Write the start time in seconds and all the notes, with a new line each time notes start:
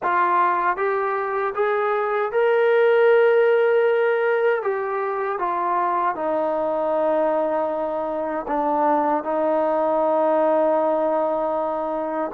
0.02 F4
0.76 G4
1.55 G#4
2.31 A#4
4.62 G4
5.38 F4
6.15 D#4
8.47 D4
9.23 D#4